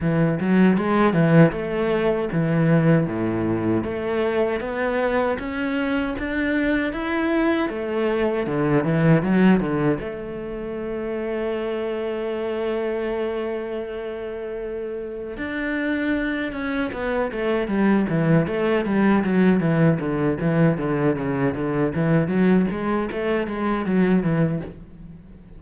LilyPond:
\new Staff \with { instrumentName = "cello" } { \time 4/4 \tempo 4 = 78 e8 fis8 gis8 e8 a4 e4 | a,4 a4 b4 cis'4 | d'4 e'4 a4 d8 e8 | fis8 d8 a2.~ |
a1 | d'4. cis'8 b8 a8 g8 e8 | a8 g8 fis8 e8 d8 e8 d8 cis8 | d8 e8 fis8 gis8 a8 gis8 fis8 e8 | }